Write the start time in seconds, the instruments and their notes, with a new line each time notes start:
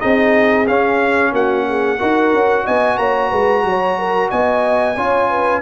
0.00 tuba C4, trombone D#4, horn G#4, trumpet D#5
0.67 tuba C#4, trombone C#4, trumpet F5
1.32 tuba A#3, horn F#4, trumpet F#5
1.68 horn G#4
1.99 tuba D#4, trombone F#4, horn A#4
2.34 tuba C#4
2.65 tuba B3, horn D#5, trumpet G#5
2.98 tuba A#3, horn C#5, trumpet A#5
3.30 tuba G#3, horn B4
3.64 tuba F#3, horn C#5
3.99 horn A#4
4.30 tuba B3, horn D#5, trumpet G#5
4.96 tuba C#4, trombone F4, horn C#5
5.29 horn B4